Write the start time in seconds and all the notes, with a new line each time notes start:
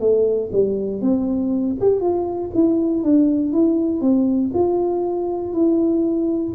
0.00 A3
0.52 G3
1.02 C4
1.81 G4
2.01 F4
2.55 E4
3.04 D4
3.53 E4
4.01 C4
4.54 F4
5.54 E4